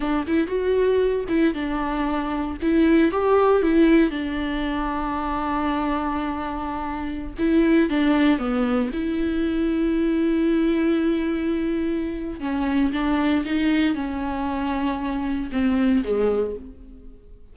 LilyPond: \new Staff \with { instrumentName = "viola" } { \time 4/4 \tempo 4 = 116 d'8 e'8 fis'4. e'8 d'4~ | d'4 e'4 g'4 e'4 | d'1~ | d'2~ d'16 e'4 d'8.~ |
d'16 b4 e'2~ e'8.~ | e'1 | cis'4 d'4 dis'4 cis'4~ | cis'2 c'4 gis4 | }